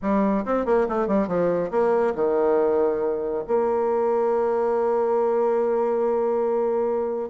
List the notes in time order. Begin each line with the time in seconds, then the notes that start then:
0.01 G3
0.45 C4
0.65 A#3
0.88 A3
1.07 G3
1.27 F3
1.70 A#3
2.15 D#3
3.47 A#3